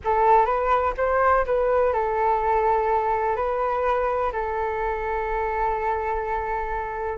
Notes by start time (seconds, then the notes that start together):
0.04 A4
0.45 B4
0.97 C5
1.45 B4
1.93 A4
3.36 B4
4.32 A4